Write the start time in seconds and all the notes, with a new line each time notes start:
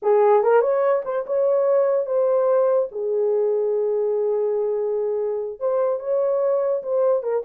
0.02 G#4
0.43 A#4
0.61 C#5
1.05 C5
1.26 C#5
2.06 C5
2.91 G#4
5.59 C5
5.99 C#5
6.82 C5
7.22 A#4